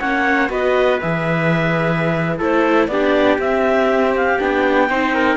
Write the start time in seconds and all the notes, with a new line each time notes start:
0.00 A#3 C#4 C#5 F#5
0.49 B3 F#4 B4 D#5
1.00 E3 G#4 E5
2.38 A3 E4 A4 C5
2.88 B3 D4 G4 D5
3.38 C4 E5
4.16 F5
4.39 B3 D4 G5
4.89 C4 D#4 C5
5.15 A#4